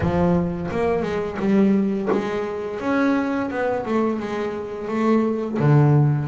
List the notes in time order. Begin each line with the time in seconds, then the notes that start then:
0.00 F3
0.71 A#3
1.02 G#3
1.39 G3
2.12 G#3
2.80 C#4
3.50 B3
3.85 A3
4.19 G#3
4.87 A3
5.59 D3